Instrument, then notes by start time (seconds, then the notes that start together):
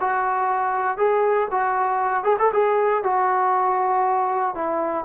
trombone
0.00 F#4
0.97 G#4
1.51 F#4
2.24 G#4
2.39 A4
2.53 G#4
3.03 F#4
4.55 E4